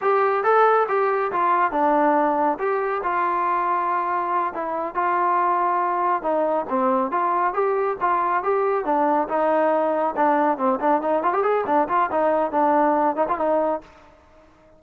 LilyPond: \new Staff \with { instrumentName = "trombone" } { \time 4/4 \tempo 4 = 139 g'4 a'4 g'4 f'4 | d'2 g'4 f'4~ | f'2~ f'8 e'4 f'8~ | f'2~ f'8 dis'4 c'8~ |
c'8 f'4 g'4 f'4 g'8~ | g'8 d'4 dis'2 d'8~ | d'8 c'8 d'8 dis'8 f'16 g'16 gis'8 d'8 f'8 | dis'4 d'4. dis'16 f'16 dis'4 | }